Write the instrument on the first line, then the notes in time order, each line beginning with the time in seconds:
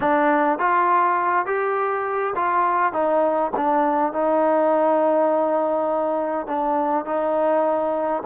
trombone
0.00 D4
0.59 F4
1.45 G4
2.35 F4
2.92 D#4
3.56 D4
4.13 D#4
6.46 D4
7.05 D#4